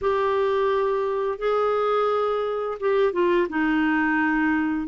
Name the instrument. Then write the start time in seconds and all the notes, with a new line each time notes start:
clarinet
0.01 G4
1.38 G#4
2.79 G4
3.12 F4
3.49 D#4